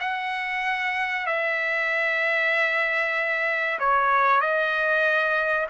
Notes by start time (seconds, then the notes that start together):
0.00 F#5
1.26 E5
3.79 C#5
4.40 D#5